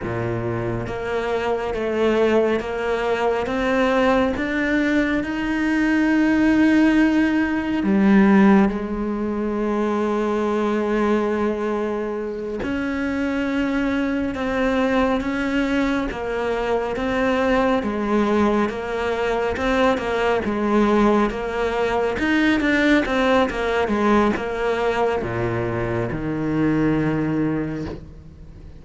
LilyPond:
\new Staff \with { instrumentName = "cello" } { \time 4/4 \tempo 4 = 69 ais,4 ais4 a4 ais4 | c'4 d'4 dis'2~ | dis'4 g4 gis2~ | gis2~ gis8 cis'4.~ |
cis'8 c'4 cis'4 ais4 c'8~ | c'8 gis4 ais4 c'8 ais8 gis8~ | gis8 ais4 dis'8 d'8 c'8 ais8 gis8 | ais4 ais,4 dis2 | }